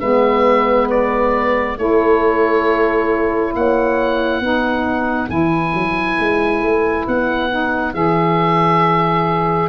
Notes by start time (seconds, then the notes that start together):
0.00 G#3 B3 B4 E5
0.90 D5
1.77 A3 E4 A4 C#5
3.54 A#3 C#5 F#5
4.41 B3 D#4 B4
5.28 E3 E4 G#5
5.74 F#3
6.19 G#3
6.62 A3
7.08 B3 F#5
7.50 D#4
7.94 E3 G#4 E5